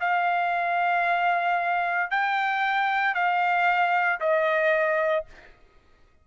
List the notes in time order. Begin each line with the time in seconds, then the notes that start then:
0.00 F5
2.10 G5
3.14 F5
4.20 D#5